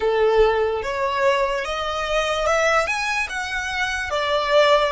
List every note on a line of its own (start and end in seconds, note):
0.00 0.82 A4
0.82 1.64 C#5
1.64 2.46 D#5
2.46 2.86 E5
2.86 3.27 G#5
3.29 4.10 F#5
4.10 4.92 D5